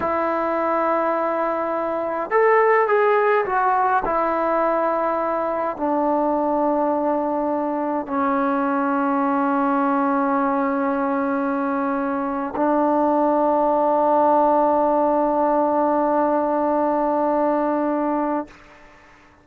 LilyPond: \new Staff \with { instrumentName = "trombone" } { \time 4/4 \tempo 4 = 104 e'1 | a'4 gis'4 fis'4 e'4~ | e'2 d'2~ | d'2 cis'2~ |
cis'1~ | cis'4.~ cis'16 d'2~ d'16~ | d'1~ | d'1 | }